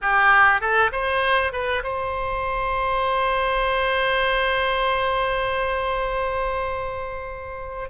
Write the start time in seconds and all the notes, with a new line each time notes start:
0.01 G4
0.60 A4
0.92 C5
1.52 B4
1.83 C5